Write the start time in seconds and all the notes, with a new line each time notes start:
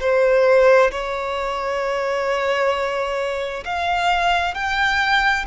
0.00 C5
0.92 C#5
3.65 F5
4.55 G5